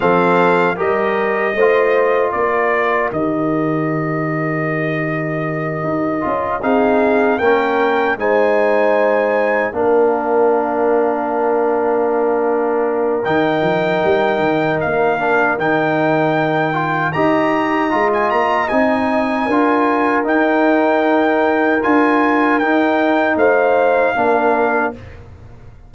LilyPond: <<
  \new Staff \with { instrumentName = "trumpet" } { \time 4/4 \tempo 4 = 77 f''4 dis''2 d''4 | dis''1~ | dis''8 f''4 g''4 gis''4.~ | gis''8 f''2.~ f''8~ |
f''4 g''2 f''4 | g''2 ais''4~ ais''16 gis''16 ais''8 | gis''2 g''2 | gis''4 g''4 f''2 | }
  \new Staff \with { instrumentName = "horn" } { \time 4/4 a'4 ais'4 c''4 ais'4~ | ais'1~ | ais'8 gis'4 ais'4 c''4.~ | c''8 ais'2.~ ais'8~ |
ais'1~ | ais'2 dis''2~ | dis''4 ais'2.~ | ais'2 c''4 ais'4 | }
  \new Staff \with { instrumentName = "trombone" } { \time 4/4 c'4 g'4 f'2 | g'1 | f'8 dis'4 cis'4 dis'4.~ | dis'8 d'2.~ d'8~ |
d'4 dis'2~ dis'8 d'8 | dis'4. f'8 g'4 f'4 | dis'4 f'4 dis'2 | f'4 dis'2 d'4 | }
  \new Staff \with { instrumentName = "tuba" } { \time 4/4 f4 g4 a4 ais4 | dis2.~ dis8 dis'8 | cis'8 c'4 ais4 gis4.~ | gis8 ais2.~ ais8~ |
ais4 dis8 f8 g8 dis8 ais4 | dis2 dis'4 gis8 ais8 | c'4 d'4 dis'2 | d'4 dis'4 a4 ais4 | }
>>